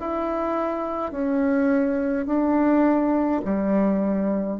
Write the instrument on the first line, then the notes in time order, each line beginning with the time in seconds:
bassoon
0.00 E4
1.12 C#4
2.26 D4
3.45 G3